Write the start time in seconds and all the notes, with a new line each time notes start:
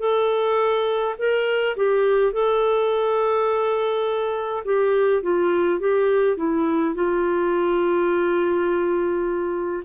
0.00 A4
1.19 A#4
1.77 G4
2.33 A4
4.65 G4
5.23 F4
5.80 G4
6.37 E4
6.95 F4